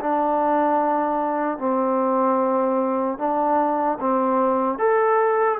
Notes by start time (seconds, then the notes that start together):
0.00 D4
1.58 C4
3.18 D4
4.00 C4
4.78 A4